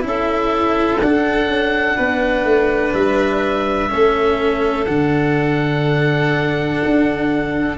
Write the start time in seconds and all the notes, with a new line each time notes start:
0.00 C#4 E4
0.07 A4 E5
1.01 D4 F#5
1.47 C#4
1.96 B3 B4
2.44 A3
2.93 G3 E5
3.89 A3 C#4 A4
4.85 D3 D4 F#5
6.84 D4